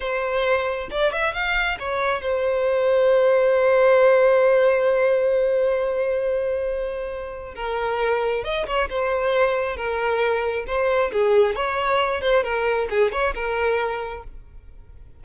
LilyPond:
\new Staff \with { instrumentName = "violin" } { \time 4/4 \tempo 4 = 135 c''2 d''8 e''8 f''4 | cis''4 c''2.~ | c''1~ | c''1~ |
c''4 ais'2 dis''8 cis''8 | c''2 ais'2 | c''4 gis'4 cis''4. c''8 | ais'4 gis'8 cis''8 ais'2 | }